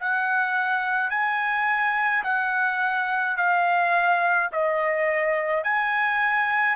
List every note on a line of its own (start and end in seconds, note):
0.00 1.10 F#5
1.10 2.23 G#5
2.23 3.37 F#5
3.37 4.50 F5
4.51 5.63 D#5
5.63 6.76 G#5